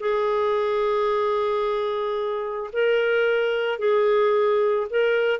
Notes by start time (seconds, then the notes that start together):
0.00 G#4
2.73 A#4
3.79 G#4
4.90 A#4